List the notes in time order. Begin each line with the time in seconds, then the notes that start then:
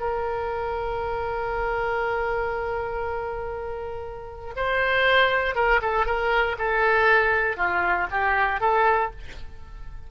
0.00 A#4
4.56 C5
5.55 A#4
5.82 A4
6.06 A#4
6.59 A4
7.57 F4
8.11 G4
8.60 A4